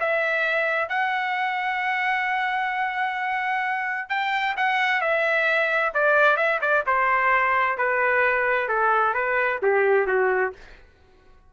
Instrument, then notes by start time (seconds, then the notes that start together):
trumpet
0.00 E5
0.89 F#5
4.09 G5
4.57 F#5
5.01 E5
5.94 D5
6.37 E5
6.61 D5
6.86 C5
7.77 B4
8.68 A4
9.14 B4
9.62 G4
10.07 F#4